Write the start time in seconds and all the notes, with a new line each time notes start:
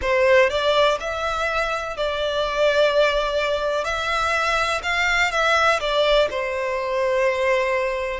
0.01 C5
0.49 D5
0.99 E5
1.97 D5
3.84 E5
4.82 F5
5.31 E5
5.79 D5
6.30 C5